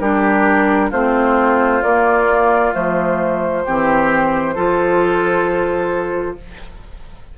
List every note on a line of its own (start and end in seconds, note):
0.00 0.92 G3
0.00 0.92 D4
0.00 0.90 G4
0.00 0.91 A#4
0.90 1.83 A3
0.90 1.83 C4
0.90 3.63 F4
0.90 1.83 C5
1.83 2.74 A#3
1.83 2.72 A#3
1.83 2.74 D5
2.72 3.66 F3
2.72 3.63 A3
2.72 6.38 C5
3.65 4.56 E3
3.65 4.56 C4
3.65 4.55 G4
4.55 6.38 F3
4.55 6.38 F4
4.55 6.37 A4